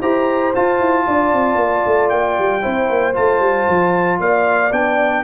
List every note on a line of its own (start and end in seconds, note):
0.00 0.54 E4
0.00 0.53 G4
0.00 1.04 C5
0.00 0.54 A#5
0.53 2.62 F4
0.53 0.79 F4
0.53 2.09 A5
0.79 1.06 E4
1.07 1.32 D4
1.07 2.62 D5
1.32 1.55 C4
1.55 1.81 A#3
1.86 2.11 A3
2.09 2.37 A#3
2.09 3.13 G5
2.38 2.64 G3
2.62 2.89 C4
2.62 3.14 E4
2.62 4.19 C5
2.89 3.15 A#3
3.14 3.39 A3
3.14 4.70 F4
3.14 4.19 A5
3.39 3.66 G3
3.68 4.20 F3
4.20 4.72 A#3
4.20 5.23 D5
4.20 4.72 F5
4.72 5.23 B3
4.72 5.23 D4
4.72 5.23 G5